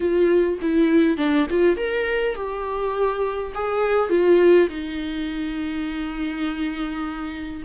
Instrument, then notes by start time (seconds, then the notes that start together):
viola
0.00 F4
0.61 E4
1.17 D4
1.50 F4
1.76 A#4
2.35 G4
3.54 G#4
4.09 F4
4.68 D#4